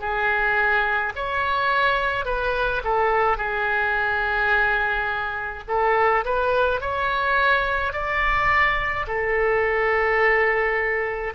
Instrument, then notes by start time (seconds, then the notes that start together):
oboe
0.00 G#4
1.16 C#5
2.25 B4
2.85 A4
3.38 G#4
5.68 A4
6.25 B4
6.81 C#5
7.93 D5
9.07 A4